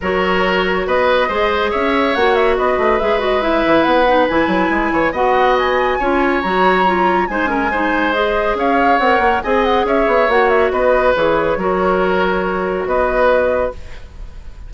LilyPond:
<<
  \new Staff \with { instrumentName = "flute" } { \time 4/4 \tempo 4 = 140 cis''2 dis''2 | e''4 fis''8 e''8 dis''4 e''8 dis''8 | e''4 fis''4 gis''2 | fis''4 gis''2 ais''4~ |
ais''4 gis''2 dis''4 | f''4 fis''4 gis''8 fis''8 e''4 | fis''8 e''8 dis''4 cis''2~ | cis''2 dis''2 | }
  \new Staff \with { instrumentName = "oboe" } { \time 4/4 ais'2 b'4 c''4 | cis''2 b'2~ | b'2.~ b'8 cis''8 | dis''2 cis''2~ |
cis''4 c''8 ais'8 c''2 | cis''2 dis''4 cis''4~ | cis''4 b'2 ais'4~ | ais'2 b'2 | }
  \new Staff \with { instrumentName = "clarinet" } { \time 4/4 fis'2. gis'4~ | gis'4 fis'2 gis'8 fis'8 | e'4. dis'8 e'2 | fis'2 f'4 fis'4 |
f'4 dis'8 cis'8 dis'4 gis'4~ | gis'4 ais'4 gis'2 | fis'2 gis'4 fis'4~ | fis'1 | }
  \new Staff \with { instrumentName = "bassoon" } { \time 4/4 fis2 b4 gis4 | cis'4 ais4 b8 a8 gis4~ | gis8 e8 b4 e8 fis8 gis8 e8 | b2 cis'4 fis4~ |
fis4 gis2. | cis'4 c'8 ais8 c'4 cis'8 b8 | ais4 b4 e4 fis4~ | fis2 b2 | }
>>